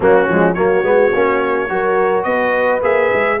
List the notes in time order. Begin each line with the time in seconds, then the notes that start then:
0.00 F#3 A#3 C#4 F#4
0.28 F3 G#3
0.53 F#3 A#3 F#4 C#5
0.83 G#3 B3
1.14 A#3 C#4
1.68 F#3 F#4 A#4
2.23 B3 B4 D#5
2.82 A#3 G#4 E5
3.13 G#3